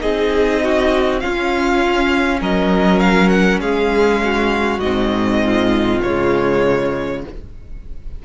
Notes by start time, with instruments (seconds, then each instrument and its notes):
0.00 cello C4, viola D#4, violin G#4 D#5
0.63 violin F#4
1.20 viola C#4, cello C#4, violin F4 F5
2.41 cello F#3, violin A#4 D#5
3.00 violin F5
3.29 violin F#5
3.61 cello G#3, violin G#4 F5
4.24 violin F#4
4.80 cello G#2, viola C4, violin D#5
5.44 violin F4
6.03 cello C#3, viola G#3, violin C#5